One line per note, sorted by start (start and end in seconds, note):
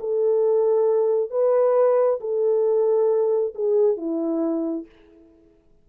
0.00 1.31 A4
1.31 2.20 B4
2.21 3.54 A4
3.55 3.97 G#4
3.97 4.86 E4